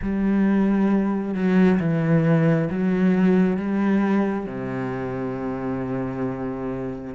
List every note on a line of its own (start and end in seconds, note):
0.02 1.34 G3
1.34 1.79 F#3
1.79 2.69 E3
2.70 3.57 F#3
3.57 4.45 G3
4.45 7.14 C3